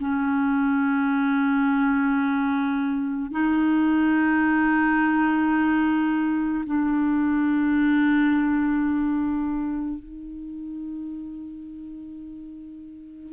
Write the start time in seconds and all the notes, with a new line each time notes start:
0.00 C#4
3.31 D#4
6.66 D4
9.99 D#4